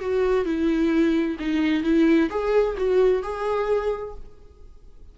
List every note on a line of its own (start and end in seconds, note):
0.00 0.45 F#4
0.45 1.37 E4
1.39 1.83 D#4
1.83 2.30 E4
2.30 2.76 G#4
2.77 3.23 F#4
3.23 4.15 G#4